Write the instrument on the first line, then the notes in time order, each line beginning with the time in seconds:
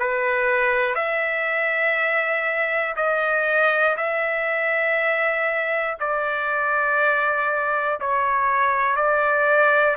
trumpet
0.00 B4
0.95 E5
2.96 D#5
3.98 E5
6.00 D5
8.00 C#5
8.96 D5